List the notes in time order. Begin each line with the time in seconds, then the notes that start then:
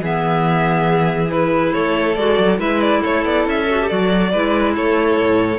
0.00 E3 B3 G#4 E5
1.27 E4 B4
1.73 A3 A4 C#5
2.15 G#3 F#4 D5
2.38 F#3
2.57 G#3 E4 B4 E5
2.81 D5
3.01 A3 A4 C#5
3.24 B3 D5
3.46 C#4 E5
3.70 F#4
3.81 G4
3.88 F#3 F#4 D5
4.31 G#3 E4 B4
4.75 A3 A4 C#5
5.20 A2